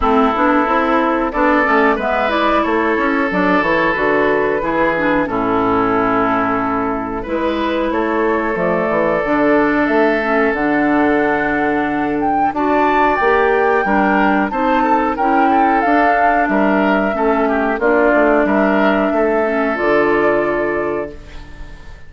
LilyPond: <<
  \new Staff \with { instrumentName = "flute" } { \time 4/4 \tempo 4 = 91 a'2 d''4 e''8 d''8 | cis''4 d''8 cis''8 b'2 | a'2. b'4 | cis''4 d''2 e''4 |
fis''2~ fis''8 g''8 a''4 | g''2 a''4 g''4 | f''4 e''2 d''4 | e''2 d''2 | }
  \new Staff \with { instrumentName = "oboe" } { \time 4/4 e'2 a'4 b'4 | a'2. gis'4 | e'2. b'4 | a'1~ |
a'2. d''4~ | d''4 ais'4 c''8 a'8 ais'8 a'8~ | a'4 ais'4 a'8 g'8 f'4 | ais'4 a'2. | }
  \new Staff \with { instrumentName = "clarinet" } { \time 4/4 c'8 d'8 e'4 d'8 cis'8 b8 e'8~ | e'4 d'8 e'8 fis'4 e'8 d'8 | cis'2. e'4~ | e'4 a4 d'4. cis'8 |
d'2. fis'4 | g'4 d'4 dis'4 e'4 | d'2 cis'4 d'4~ | d'4. cis'8 f'2 | }
  \new Staff \with { instrumentName = "bassoon" } { \time 4/4 a8 b8 c'4 b8 a8 gis4 | a8 cis'8 fis8 e8 d4 e4 | a,2. gis4 | a4 f8 e8 d4 a4 |
d2. d'4 | ais4 g4 c'4 cis'4 | d'4 g4 a4 ais8 a8 | g4 a4 d2 | }
>>